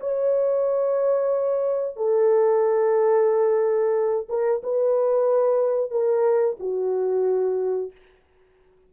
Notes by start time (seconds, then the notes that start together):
0.00 C#5
1.96 A4
4.29 A#4
4.63 B4
5.91 A#4
6.60 F#4